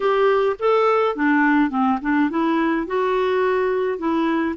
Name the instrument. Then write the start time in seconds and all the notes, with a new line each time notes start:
clarinet
0.00 G4
0.59 A4
1.15 D4
1.70 C4
2.01 D4
2.30 E4
2.86 F#4
3.98 E4